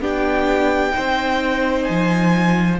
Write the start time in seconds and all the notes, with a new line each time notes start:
0.00 B3 D4 G4 G5
0.91 D#4 C5
0.98 C4
1.84 F3 G#5